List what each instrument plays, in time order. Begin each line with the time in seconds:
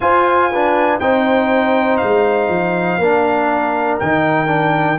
0.00 trombone F4, tuba F4, horn C5, trumpet G#5
0.51 trombone D4, horn B4
0.99 tuba C4, trombone D#4, horn C5, trumpet G5
1.97 tuba G#3, trumpet F5
2.49 tuba F3
2.98 tuba A#3, trombone D4, horn A#4
3.99 tuba D#3, trombone D#4, trumpet G5
4.46 trombone D4